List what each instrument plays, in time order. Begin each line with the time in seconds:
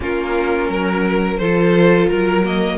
0.00 cello A#3, viola C#4, violin F4 A#4
0.69 cello F#3, violin A#4
1.37 cello F3, viola F4, violin A4 C5
2.08 cello F#3, violin A#4
2.44 viola A#3, violin D#5